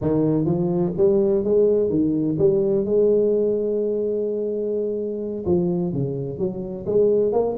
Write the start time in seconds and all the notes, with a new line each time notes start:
0.01 D#3
0.45 F3
0.97 G3
1.43 G#3
1.89 D#3
2.38 G3
2.85 G#3
5.45 F3
5.92 C#3
6.38 F#3
6.86 G#3
7.32 A#3